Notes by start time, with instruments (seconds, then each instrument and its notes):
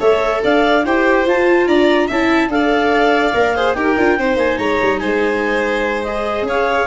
0.00 tuba A3, viola A4, violin C#5, clarinet E5
0.44 tuba D4, violin D5, clarinet F5
0.85 tuba E4, viola G4, violin C5, clarinet G5
1.26 tuba F4, viola F4, clarinet A5
1.67 tuba D4, violin D5, clarinet A#5
2.07 tuba C#4, viola E4, violin E5, clarinet A5
2.48 tuba D4, viola A4, clarinet F5
2.55 violin D5
3.34 tuba A#3, viola A#4
3.55 viola G#4, violin C5
3.74 tuba D#4, viola G4, violin A#4, clarinet G5
3.97 tuba D4, viola F4
4.18 tuba C4, viola D#4, violin C5
4.36 tuba A#3, clarinet G#5
4.58 tuba G#3, violin C#5, clarinet A#5
4.82 tuba G3
4.99 tuba G#3, violin C5, clarinet G#5
6.03 viola G#4, clarinet D#5
6.42 tuba C#4, violin C#5
6.48 clarinet F5